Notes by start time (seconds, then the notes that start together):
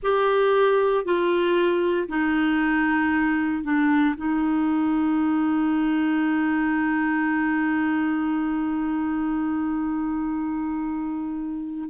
0.02 G4
1.04 F4
2.08 D#4
3.63 D4
4.16 D#4